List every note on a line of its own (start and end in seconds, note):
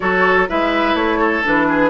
0.00 0.49 F#3
0.00 0.47 F#4
0.00 0.48 A4
0.00 0.48 C#5
0.48 0.94 G#3
0.48 1.43 E4
0.48 1.18 B4
0.48 0.95 E5
0.94 1.42 A3
0.94 1.43 C#5
1.18 1.66 A4
1.43 1.89 E3
1.43 1.89 D4
1.43 1.89 B4
1.68 1.89 G#4